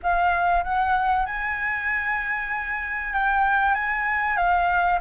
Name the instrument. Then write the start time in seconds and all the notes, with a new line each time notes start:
flute
0.02 F5
0.63 F#5
1.26 G#5
3.13 G5
3.74 G#5
4.36 F5